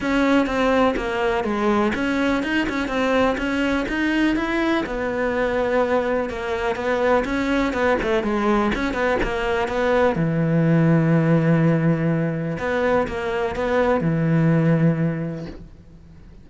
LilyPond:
\new Staff \with { instrumentName = "cello" } { \time 4/4 \tempo 4 = 124 cis'4 c'4 ais4 gis4 | cis'4 dis'8 cis'8 c'4 cis'4 | dis'4 e'4 b2~ | b4 ais4 b4 cis'4 |
b8 a8 gis4 cis'8 b8 ais4 | b4 e2.~ | e2 b4 ais4 | b4 e2. | }